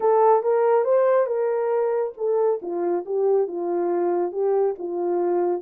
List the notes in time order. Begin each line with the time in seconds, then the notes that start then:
0.00 A4
0.42 A#4
0.84 C5
1.26 A#4
2.17 A4
2.61 F4
3.05 G4
3.47 F4
4.31 G4
4.78 F4